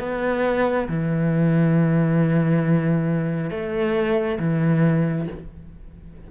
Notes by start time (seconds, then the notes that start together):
0.00 B3
0.89 E3
3.51 A3
4.40 E3